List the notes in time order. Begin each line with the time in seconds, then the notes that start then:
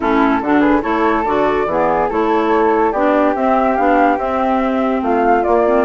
0.00 A3 C#4 E4 A4
0.40 D3 D4 F#4
0.60 G#4 B4
0.81 A3 E4 A4 C#5
1.24 D3 F#4 D5
1.66 E3 B3 G#4
2.10 A3 E4 A4 C#5
2.92 B3 D4 G4 D5
3.35 C4 E5
3.76 B3 D4 F5
4.17 C4 E5
5.02 A3 F4 F5
5.43 A#3 D5
5.66 C4